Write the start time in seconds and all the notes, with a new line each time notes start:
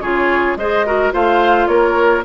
0.00 C#3 F4 G#4 C#5
0.56 G#3 G#4 C5 D#5
0.86 F#4 A#4
1.12 A3 F4 C5 F5
1.67 A#3 A#4 C#5